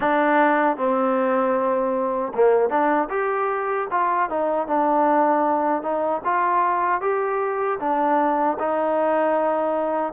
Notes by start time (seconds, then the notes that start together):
0.00 D4
0.77 C4
2.34 A#3
2.69 D4
3.09 G4
3.90 F4
4.29 D#4
4.67 D4
5.82 D#4
6.24 F4
7.01 G4
7.79 D4
8.59 D#4